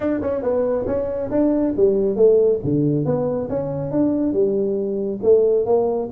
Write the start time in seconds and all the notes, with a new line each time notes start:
0.00 D4
0.21 C#4
0.42 B3
0.86 C#4
1.30 D4
1.76 G3
2.15 A3
2.64 D3
3.05 B3
3.49 C#4
3.91 D4
4.32 G3
5.22 A3
5.65 A#3